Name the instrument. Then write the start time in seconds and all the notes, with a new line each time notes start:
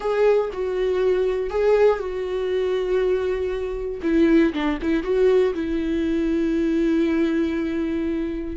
viola
0.00 G#4
0.52 F#4
1.49 G#4
1.99 F#4
4.02 E4
4.53 D4
4.82 E4
5.03 F#4
5.54 E4